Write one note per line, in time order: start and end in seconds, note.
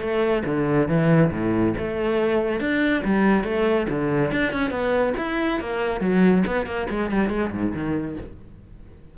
0.00 0.43 A3
0.45 0.88 D3
0.88 1.31 E3
1.31 1.74 A2
1.77 2.60 A3
2.60 3.03 D4
3.04 3.43 G3
3.43 3.86 A3
3.89 4.31 D3
4.31 4.52 D4
4.52 4.70 C#4
4.70 5.13 B3
5.17 5.60 E4
5.60 6.00 A#3
6.00 6.43 F#3
6.46 6.66 B3
6.66 6.87 A#3
6.89 7.10 G#3
7.10 7.29 G3
7.29 7.50 G#3
7.51 7.73 G#2
7.74 8.17 D#3